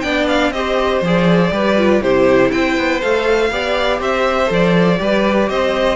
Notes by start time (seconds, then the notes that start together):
0.00 B3 D4 D5 G5
0.27 F5
0.51 C4 G4 C5 D#5
1.01 F3 G#4 D5
1.51 G3 G4 B4
1.77 F4
2.01 C3 E4 G4 C5
2.51 C4 C5 G5
2.77 B3
3.01 A3 A4 F5
3.50 B3 G4 D5
3.99 C4 C5 E5
4.46 F3 A4
4.52 D5
4.97 G3 G4 B4
5.48 C4 C5 D#5